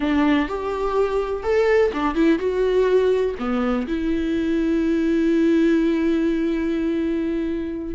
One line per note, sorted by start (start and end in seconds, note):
0.00 0.48 D4
0.48 1.43 G4
1.43 1.91 A4
1.93 2.14 D4
2.14 2.38 E4
2.38 3.34 F#4
3.38 3.86 B3
3.87 7.94 E4